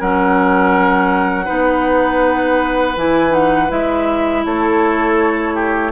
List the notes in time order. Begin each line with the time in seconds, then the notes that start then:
0.00 F#3 C#4 A#4 F#5
1.45 B3 D#4 B4
2.97 E3 E4 G#5
3.30 D#4 F#5
3.69 G#3 E4 E5
4.45 A3 A4 C#5
5.55 G4